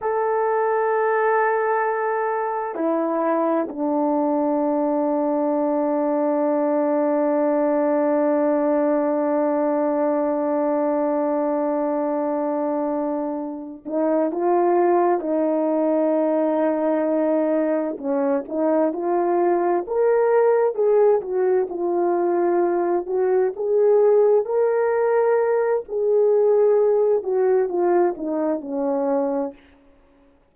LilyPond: \new Staff \with { instrumentName = "horn" } { \time 4/4 \tempo 4 = 65 a'2. e'4 | d'1~ | d'1~ | d'2. dis'8 f'8~ |
f'8 dis'2. cis'8 | dis'8 f'4 ais'4 gis'8 fis'8 f'8~ | f'4 fis'8 gis'4 ais'4. | gis'4. fis'8 f'8 dis'8 cis'4 | }